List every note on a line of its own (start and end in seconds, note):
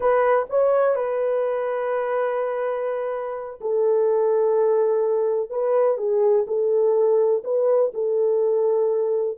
0.00 0.46 B4
0.49 0.95 C#5
0.95 3.59 B4
3.60 5.50 A4
5.50 5.97 B4
5.97 6.45 G#4
6.47 7.43 A4
7.44 7.92 B4
7.94 9.37 A4